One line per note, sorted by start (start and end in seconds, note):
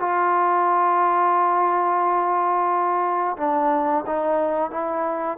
0.00 3.37 F4
3.38 4.05 D4
4.07 4.71 D#4
4.71 5.38 E4